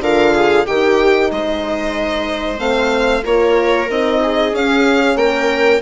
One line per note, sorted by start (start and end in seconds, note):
0.00 0.65 D3
0.00 0.66 F4
0.00 0.34 A#4
0.00 0.66 F5
0.34 0.66 G#4
0.66 1.31 D#3
0.66 2.58 D#4
0.66 1.31 G4
0.66 1.31 G5
1.31 2.59 G#3
1.31 3.24 C5
1.31 2.59 D#5
2.58 3.23 A3
2.58 3.22 C4
2.58 3.24 F5
3.23 3.89 A#3
3.23 3.87 F4
3.23 4.21 A#4
3.23 3.90 C#5
3.90 4.53 C4
3.90 4.53 D#4
3.90 4.55 D#5
4.22 5.18 G#4
4.53 5.15 C#4
4.53 5.82 C#4
4.53 5.17 F5
5.15 5.80 A#3
5.15 5.82 A#4
5.15 5.81 G5